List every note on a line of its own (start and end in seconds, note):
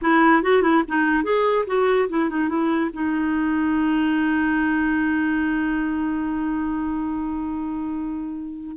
0.01 0.42 E4
0.42 0.62 F#4
0.62 0.83 E4
0.87 1.23 D#4
1.23 1.65 G#4
1.67 2.08 F#4
2.09 2.29 E4
2.29 2.48 D#4
2.48 2.90 E4
2.93 8.76 D#4